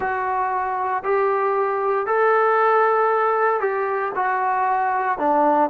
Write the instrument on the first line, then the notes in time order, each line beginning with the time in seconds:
trombone
0.00 F#4
1.03 G4
2.06 A4
3.60 G4
4.15 F#4
5.18 D4